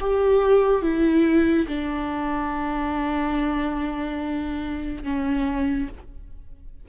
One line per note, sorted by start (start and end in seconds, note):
0.00 0.82 G4
0.82 1.66 E4
1.67 5.03 D4
5.03 5.88 C#4